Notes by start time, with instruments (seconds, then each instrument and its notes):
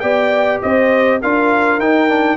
0.00 tuba B3, trombone G4, horn D5, trumpet G5
0.62 tuba C4, horn C5, trumpet D#5
1.21 tuba D4, trombone F4, horn A#4, trumpet F5
1.79 tuba D#4, trombone D#4, trumpet G5
2.08 trombone D4